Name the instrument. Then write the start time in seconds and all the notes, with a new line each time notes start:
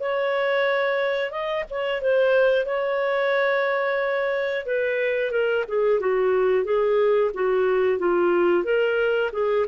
clarinet
0.00 C#5
1.31 D#5
1.70 C#5
2.01 C5
2.65 C#5
4.65 B4
5.31 A#4
5.68 G#4
6.00 F#4
6.65 G#4
7.34 F#4
7.98 F4
8.64 A#4
9.32 G#4